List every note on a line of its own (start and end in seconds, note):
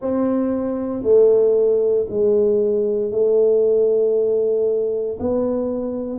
0.01 1.03 C4
1.03 2.06 A3
2.09 3.11 G#3
3.11 5.18 A3
5.20 6.19 B3